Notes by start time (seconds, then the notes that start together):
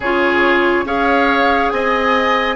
0.00 C#3 F4 G#4 C#5
0.84 C#4 G#4 C#5 F5
1.69 C4 D#5 G#5